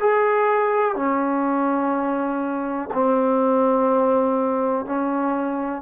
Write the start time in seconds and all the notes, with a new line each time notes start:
0.00 G#4
0.95 C#4
2.93 C4
4.86 C#4